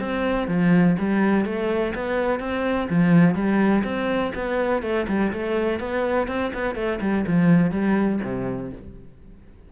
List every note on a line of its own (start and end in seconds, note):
0.00 0.48 C4
0.48 0.96 F3
0.99 1.45 G3
1.45 1.94 A3
1.95 2.40 B3
2.40 2.88 C4
2.89 3.35 F3
3.35 3.83 G3
3.84 4.32 C4
4.35 4.82 B3
4.82 5.07 A3
5.08 5.32 G3
5.33 5.80 A3
5.80 6.28 B3
6.28 6.52 C4
6.53 6.75 B3
6.75 6.99 A3
7.01 7.25 G3
7.27 7.71 F3
7.71 8.20 G3
8.23 8.72 C3